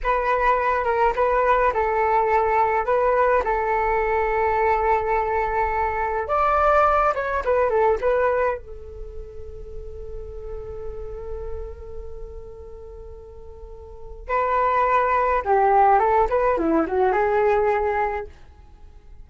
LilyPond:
\new Staff \with { instrumentName = "flute" } { \time 4/4 \tempo 4 = 105 b'4. ais'8 b'4 a'4~ | a'4 b'4 a'2~ | a'2. d''4~ | d''8 cis''8 b'8 a'8 b'4 a'4~ |
a'1~ | a'1~ | a'4 b'2 g'4 | a'8 b'8 e'8 fis'8 gis'2 | }